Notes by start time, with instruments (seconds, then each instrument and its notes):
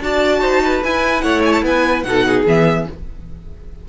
0.00 cello D4, viola F#4, violin D5 A5
0.41 cello D#4, violin C5
0.64 violin B4
0.84 cello E4, viola E4, violin G#5
1.21 cello A3, violin C#5 F#5
1.45 violin G#5
1.53 violin A5
1.62 cello B3, violin B4 G#5
2.03 cello B2, viola D#4, violin A4 F#5
2.27 violin G#4
2.46 cello E3, viola B3, violin E5